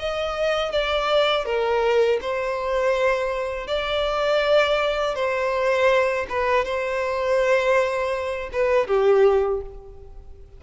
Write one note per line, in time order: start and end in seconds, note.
0.00 0.72 D#5
0.72 1.46 D5
1.46 2.20 A#4
2.22 3.68 C5
3.68 5.16 D5
5.16 6.27 C5
6.30 6.65 B4
6.65 8.51 C5
8.53 8.88 B4
8.88 9.62 G4